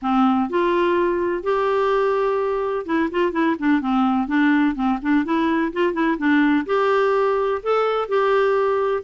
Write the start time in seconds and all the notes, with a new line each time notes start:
0.02 C4
0.49 F4
1.43 G4
2.85 E4
3.11 F4
3.32 E4
3.59 D4
3.81 C4
4.27 D4
4.75 C4
5.02 D4
5.24 E4
5.72 F4
5.93 E4
6.18 D4
6.66 G4
7.63 A4
8.08 G4